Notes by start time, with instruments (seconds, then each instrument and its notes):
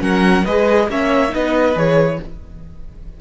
0.00 cello F#3, viola C#4, violin A#4 F#5
0.45 cello G#3, viola G#4, violin B4 D#5
0.89 cello A#3, viola C#4, violin C#5 E5
1.29 viola D#4, violin B4 D#5
1.35 cello B3
1.76 cello E3, viola G#4, violin C#5